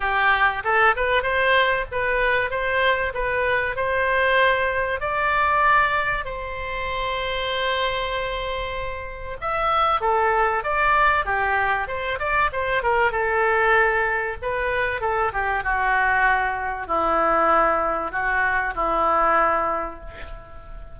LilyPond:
\new Staff \with { instrumentName = "oboe" } { \time 4/4 \tempo 4 = 96 g'4 a'8 b'8 c''4 b'4 | c''4 b'4 c''2 | d''2 c''2~ | c''2. e''4 |
a'4 d''4 g'4 c''8 d''8 | c''8 ais'8 a'2 b'4 | a'8 g'8 fis'2 e'4~ | e'4 fis'4 e'2 | }